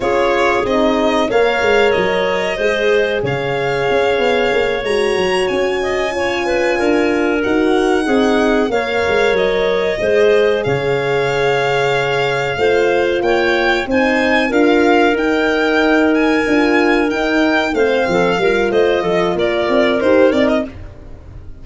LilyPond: <<
  \new Staff \with { instrumentName = "violin" } { \time 4/4 \tempo 4 = 93 cis''4 dis''4 f''4 dis''4~ | dis''4 f''2~ f''8 ais''8~ | ais''8 gis''2. fis''8~ | fis''4. f''4 dis''4.~ |
dis''8 f''2.~ f''8~ | f''8 g''4 gis''4 f''4 g''8~ | g''4 gis''4. g''4 f''8~ | f''4 dis''4 d''4 c''8 d''16 dis''16 | }
  \new Staff \with { instrumentName = "clarinet" } { \time 4/4 gis'2 cis''2 | c''4 cis''2.~ | cis''4 dis''8 cis''8 b'8 ais'4.~ | ais'8 gis'4 cis''2 c''8~ |
c''8 cis''2. c''8~ | c''8 cis''4 c''4 ais'4.~ | ais'2.~ ais'8 c''8 | a'8 ais'8 c''8 a'8 ais'2 | }
  \new Staff \with { instrumentName = "horn" } { \time 4/4 f'4 dis'4 ais'2 | gis'2.~ gis'8 fis'8~ | fis'4. f'2 fis'8~ | fis'8 dis'4 ais'2 gis'8~ |
gis'2.~ gis'8 f'8~ | f'4. dis'4 f'4 dis'8~ | dis'4. f'4 dis'4 c'8~ | c'8 f'2~ f'8 g'8 dis'8 | }
  \new Staff \with { instrumentName = "tuba" } { \time 4/4 cis'4 c'4 ais8 gis8 fis4 | gis4 cis4 cis'8 b8 ais8 gis8 | fis8 cis'2 d'4 dis'8~ | dis'8 c'4 ais8 gis8 fis4 gis8~ |
gis8 cis2. a8~ | a8 ais4 c'4 d'4 dis'8~ | dis'4. d'4 dis'4 a8 | f8 g8 a8 f8 ais8 c'8 dis'8 c'8 | }
>>